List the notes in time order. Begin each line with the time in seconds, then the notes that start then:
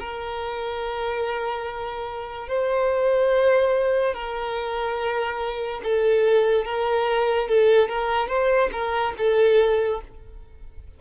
0.00 A#4
2.48 C5
4.15 A#4
5.84 A4
6.65 A#4
7.48 A4
7.89 A#4
8.28 C5
8.73 A#4
9.18 A4